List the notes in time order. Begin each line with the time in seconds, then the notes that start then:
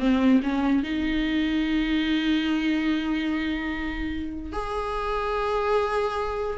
0.00 C4
0.43 C#4
0.83 D#4
4.53 G#4